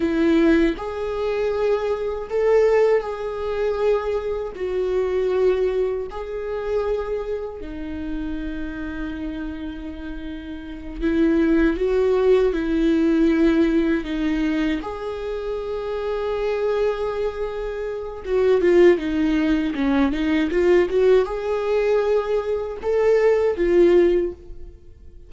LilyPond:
\new Staff \with { instrumentName = "viola" } { \time 4/4 \tempo 4 = 79 e'4 gis'2 a'4 | gis'2 fis'2 | gis'2 dis'2~ | dis'2~ dis'8 e'4 fis'8~ |
fis'8 e'2 dis'4 gis'8~ | gis'1 | fis'8 f'8 dis'4 cis'8 dis'8 f'8 fis'8 | gis'2 a'4 f'4 | }